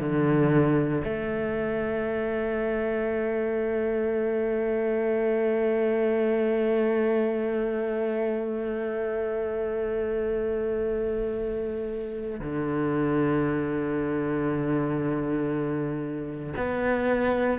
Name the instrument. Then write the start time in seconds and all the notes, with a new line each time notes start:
cello
0.00 D3
1.04 A3
12.40 D3
16.57 B3